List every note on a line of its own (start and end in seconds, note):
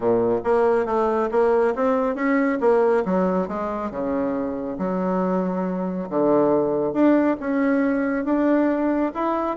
0.00 0.40 A#2
0.43 0.85 A#3
0.85 1.29 A3
1.31 1.74 A#3
1.75 2.15 C4
2.15 2.58 C#4
2.60 3.03 A#3
3.05 3.48 F#3
3.48 3.90 G#3
3.90 4.77 C#3
4.78 6.08 F#3
6.09 6.93 D3
6.93 7.36 D4
7.40 8.25 C#4
8.25 9.11 D4
9.14 9.56 E4